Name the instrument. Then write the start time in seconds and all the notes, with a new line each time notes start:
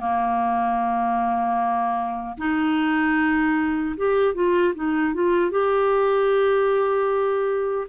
clarinet
0.00 A#3
2.38 D#4
3.97 G4
4.35 F4
4.75 D#4
5.14 F4
5.51 G4